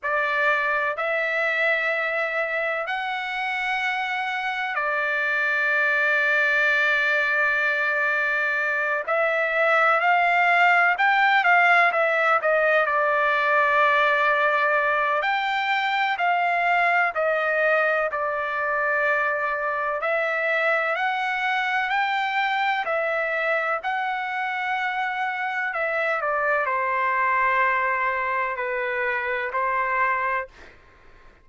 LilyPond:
\new Staff \with { instrumentName = "trumpet" } { \time 4/4 \tempo 4 = 63 d''4 e''2 fis''4~ | fis''4 d''2.~ | d''4. e''4 f''4 g''8 | f''8 e''8 dis''8 d''2~ d''8 |
g''4 f''4 dis''4 d''4~ | d''4 e''4 fis''4 g''4 | e''4 fis''2 e''8 d''8 | c''2 b'4 c''4 | }